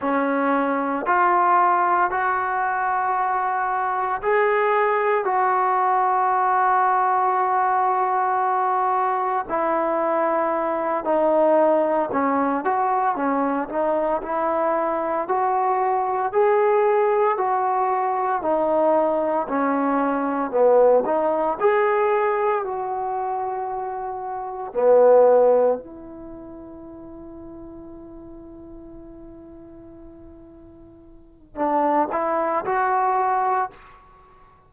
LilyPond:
\new Staff \with { instrumentName = "trombone" } { \time 4/4 \tempo 4 = 57 cis'4 f'4 fis'2 | gis'4 fis'2.~ | fis'4 e'4. dis'4 cis'8 | fis'8 cis'8 dis'8 e'4 fis'4 gis'8~ |
gis'8 fis'4 dis'4 cis'4 b8 | dis'8 gis'4 fis'2 b8~ | b8 e'2.~ e'8~ | e'2 d'8 e'8 fis'4 | }